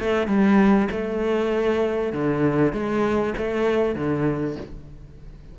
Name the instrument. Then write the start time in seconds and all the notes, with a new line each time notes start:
cello
0.00 A3
0.28 G3
0.92 A3
2.13 D3
2.73 G#3
3.38 A3
3.96 D3